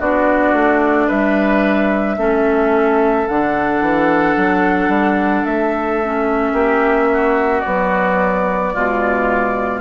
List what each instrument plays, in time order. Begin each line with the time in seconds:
0.00 bassoon B3, clarinet D4, oboe F#4, flute D5
0.53 bassoon A3
1.07 bassoon G3, oboe B4, flute E5
2.18 bassoon A3, clarinet C#4, oboe A4
3.28 bassoon D3, clarinet D4, flute F#5
3.81 bassoon E3
4.37 bassoon F#3
4.89 bassoon G3
5.46 bassoon A3, flute E5
6.04 clarinet C#4
6.53 bassoon A#3, oboe G4
7.13 oboe F#4
7.61 clarinet F#3, bassoon B3, flute D5
8.73 bassoon B2, clarinet G#3, oboe F4